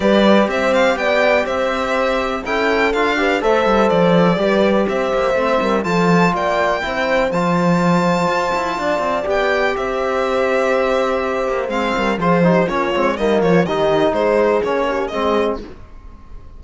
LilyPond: <<
  \new Staff \with { instrumentName = "violin" } { \time 4/4 \tempo 4 = 123 d''4 e''8 f''8 g''4 e''4~ | e''4 g''4 f''4 e''4 | d''2 e''2 | a''4 g''2 a''4~ |
a''2. g''4 | e''1 | f''4 c''4 cis''4 dis''8 cis''8 | dis''4 c''4 cis''4 dis''4 | }
  \new Staff \with { instrumentName = "horn" } { \time 4/4 b'4 c''4 d''4 c''4~ | c''4 a'4. b'8 c''4~ | c''4 b'4 c''4. ais'8 | a'4 d''4 c''2~ |
c''2 d''2 | c''1~ | c''8 ais'8 gis'8 g'8 f'4 dis'8 f'8 | g'4 gis'4. g'8 gis'4 | }
  \new Staff \with { instrumentName = "trombone" } { \time 4/4 g'1~ | g'4 e'4 f'8 g'8 a'4~ | a'4 g'2 c'4 | f'2 e'4 f'4~ |
f'2. g'4~ | g'1 | c'4 f'8 dis'8 cis'8 c'8 ais4 | dis'2 cis'4 c'4 | }
  \new Staff \with { instrumentName = "cello" } { \time 4/4 g4 c'4 b4 c'4~ | c'4 cis'4 d'4 a8 g8 | f4 g4 c'8 ais8 a8 g8 | f4 ais4 c'4 f4~ |
f4 f'8 e'8 d'8 c'8 b4 | c'2.~ c'8 ais8 | gis8 g8 f4 ais8 gis8 g8 f8 | dis4 gis4 ais4 gis4 | }
>>